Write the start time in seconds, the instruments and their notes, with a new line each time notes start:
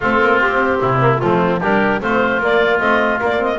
0.00 double bass A3, trombone C4, oboe F4, clarinet A4
0.21 double bass A#3
0.40 double bass C4, clarinet G4
0.81 double bass C3, oboe E4
1.00 trombone A#3
1.18 double bass F3, trombone A3, oboe C4, clarinet F4
1.60 double bass G3, trombone D4, oboe G4, clarinet A#4
2.01 double bass A3, trombone C4, oboe F4, clarinet C5
2.39 double bass A#3, trombone A#3, clarinet D5
2.79 double bass A3, trombone C4, clarinet D#5
3.19 trombone A#3, double bass A#3, clarinet D5
3.37 trombone C4, clarinet D#5